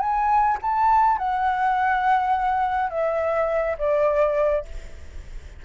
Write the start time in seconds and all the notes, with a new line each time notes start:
0.00 G#5
0.62 A5
1.18 F#5
2.90 E5
3.78 D5